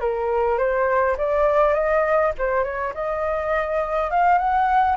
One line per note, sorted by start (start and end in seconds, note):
0.00 0.58 A#4
0.58 1.16 C5
1.17 1.73 D5
1.73 2.32 D#5
2.38 2.64 C5
2.64 2.93 C#5
2.94 4.10 D#5
4.10 4.38 F5
4.38 4.96 F#5